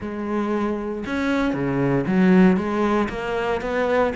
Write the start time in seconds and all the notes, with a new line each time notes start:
0.00 G#3
1.06 C#4
1.53 C#3
2.06 F#3
2.56 G#3
3.09 A#3
3.61 B3